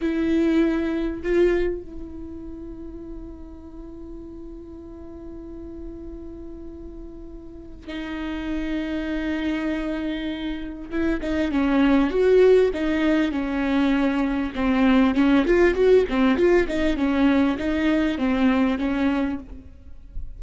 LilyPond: \new Staff \with { instrumentName = "viola" } { \time 4/4 \tempo 4 = 99 e'2 f'4 e'4~ | e'1~ | e'1~ | e'4 dis'2.~ |
dis'2 e'8 dis'8 cis'4 | fis'4 dis'4 cis'2 | c'4 cis'8 f'8 fis'8 c'8 f'8 dis'8 | cis'4 dis'4 c'4 cis'4 | }